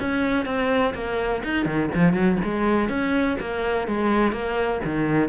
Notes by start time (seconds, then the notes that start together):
0.00 C#4
0.46 C4
0.95 A#3
1.44 D#4
1.66 D#3
1.95 F3
2.13 F#3
2.44 G#3
2.89 C#4
3.40 A#3
3.88 G#3
4.33 A#3
4.85 D#3